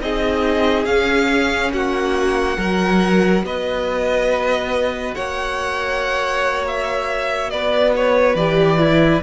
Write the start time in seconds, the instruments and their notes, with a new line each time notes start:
0.00 cello C4, viola D#4, violin G#4 D#5
0.85 cello C#4, viola C#4, violin F5
1.73 cello A#3, violin F#4 F#5
2.57 cello F#3, viola F#4, violin A#4
3.43 cello B3, violin B4 D#5
5.14 cello A#3, violin C#5 F#5
6.67 violin E5
7.50 cello B3, violin B4 D5
7.96 violin C#5
8.35 cello E3, viola G4, violin D5
8.78 viola E4